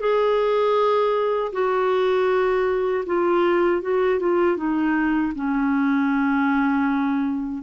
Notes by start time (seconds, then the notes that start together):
0.00 G#4
1.53 F#4
3.06 F4
3.81 F#4
4.19 F4
4.57 D#4
5.35 C#4